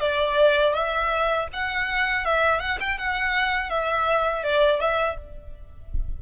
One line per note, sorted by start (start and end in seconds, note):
0.00 0.74 D5
0.74 1.48 E5
1.53 2.25 F#5
2.25 2.60 E5
2.60 2.78 F#5
2.80 2.98 G5
2.98 3.70 F#5
3.70 4.43 E5
4.43 4.80 D5
4.80 5.18 E5